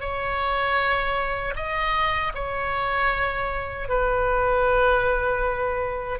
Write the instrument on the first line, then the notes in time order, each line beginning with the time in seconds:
oboe
0.00 C#5
1.55 D#5
2.35 C#5
3.88 B4